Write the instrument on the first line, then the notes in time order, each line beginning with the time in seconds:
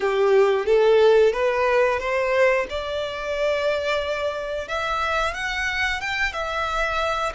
violin
0.00 G4
0.65 A4
1.32 B4
1.99 C5
2.69 D5
4.68 E5
5.34 F#5
6.00 G5
6.32 E5